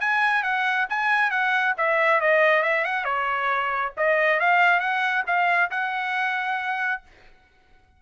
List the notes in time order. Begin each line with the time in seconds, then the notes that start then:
0.00 G#5
0.43 F#5
0.89 G#5
1.30 F#5
1.77 E5
2.20 D#5
2.63 E5
2.85 F#5
3.04 C#5
3.97 D#5
4.40 F5
4.80 F#5
5.27 F5
5.71 F#5